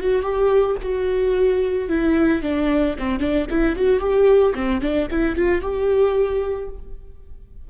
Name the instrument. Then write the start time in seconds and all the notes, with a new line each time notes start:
viola
0.00 F#4
0.22 G4
0.82 F#4
1.88 E4
2.42 D4
2.98 C4
3.19 D4
3.50 E4
3.76 F#4
4.00 G4
4.54 C4
4.81 D4
5.10 E4
5.35 F4
5.61 G4